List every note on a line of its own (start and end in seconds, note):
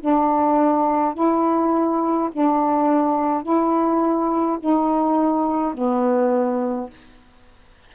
0.00 1.14 D4
1.14 2.29 E4
2.32 3.42 D4
3.42 4.58 E4
4.59 5.74 D#4
5.74 6.89 B3